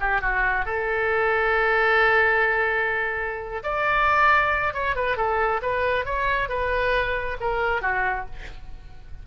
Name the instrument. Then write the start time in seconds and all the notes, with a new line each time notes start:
oboe
0.00 G4
0.21 F#4
0.65 A4
3.63 D5
4.73 C#5
4.96 B4
5.17 A4
5.62 B4
6.05 C#5
6.49 B4
7.40 A#4
7.81 F#4